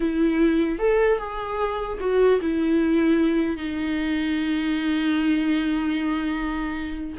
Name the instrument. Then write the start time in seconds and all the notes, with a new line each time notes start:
viola
0.00 E4
0.78 A4
1.18 G#4
2.00 F#4
2.41 E4
3.57 D#4